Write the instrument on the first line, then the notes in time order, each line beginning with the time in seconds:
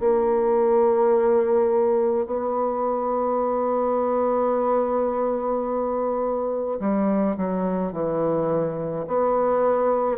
bassoon
0.00 A#3
2.26 B3
6.79 G3
7.37 F#3
7.92 E3
9.08 B3